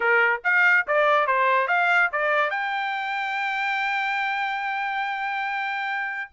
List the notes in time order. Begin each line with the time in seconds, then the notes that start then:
0.00 A#4
0.44 F5
0.87 D5
1.26 C5
1.67 F5
2.12 D5
2.50 G5